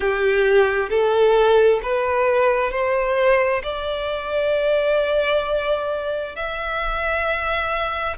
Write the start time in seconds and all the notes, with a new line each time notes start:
0.00 G4
0.89 A4
1.83 B4
2.71 C5
3.63 D5
6.35 E5